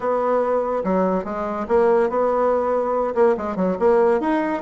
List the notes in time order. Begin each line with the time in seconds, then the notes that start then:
0.00 B3
0.84 F#3
1.24 G#3
1.67 A#3
2.09 B3
3.14 A#3
3.37 G#3
3.56 F#3
3.79 A#3
4.20 D#4